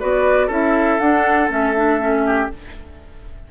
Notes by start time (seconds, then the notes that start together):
0.00 B3 F#4 B4 D5
0.47 C#4 E4 A4 E5
1.00 D4 F#5
1.49 A3 C#4 E5
1.76 D4
2.00 C#4
2.26 G4